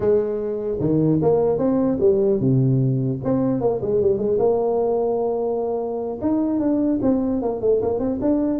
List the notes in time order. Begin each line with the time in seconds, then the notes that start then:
0.00 G#3
0.79 D#3
1.21 A#3
1.58 C4
1.99 G3
2.40 C3
3.24 C4
3.60 A#3
3.81 G#3
4.01 G3
4.17 G#3
4.38 A#3
6.21 D#4
6.59 D4
7.02 C4
7.42 A#3
7.61 A3
7.81 A#3
7.99 C4
8.21 D4